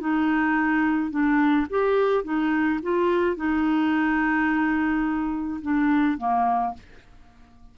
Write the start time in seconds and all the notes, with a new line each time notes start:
0.00 D#4
1.10 D4
1.69 G4
2.23 D#4
2.82 F4
3.36 D#4
5.61 D4
6.17 A#3